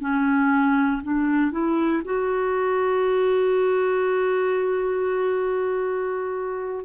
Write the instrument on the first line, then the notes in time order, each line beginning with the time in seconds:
clarinet
0.00 C#4
1.03 D4
1.51 E4
2.04 F#4